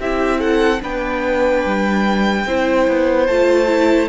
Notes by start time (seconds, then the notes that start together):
0.00 C4 E4 G4 E5
0.39 A4 F#5
0.80 B3 D4 B4 G5
1.65 G3
2.46 C4 E4 C5
2.87 B3
3.26 A3 F4 A5
3.67 E4